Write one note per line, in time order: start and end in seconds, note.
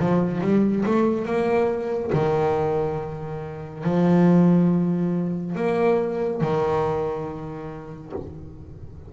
0.00 0.42 F3
0.42 0.85 G3
0.86 1.26 A3
1.26 2.12 A#3
2.13 3.84 D#3
3.84 5.56 F3
5.56 6.42 A#3
6.42 8.13 D#3